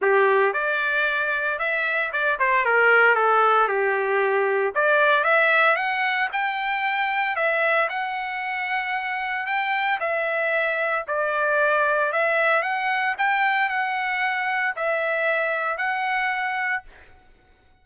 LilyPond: \new Staff \with { instrumentName = "trumpet" } { \time 4/4 \tempo 4 = 114 g'4 d''2 e''4 | d''8 c''8 ais'4 a'4 g'4~ | g'4 d''4 e''4 fis''4 | g''2 e''4 fis''4~ |
fis''2 g''4 e''4~ | e''4 d''2 e''4 | fis''4 g''4 fis''2 | e''2 fis''2 | }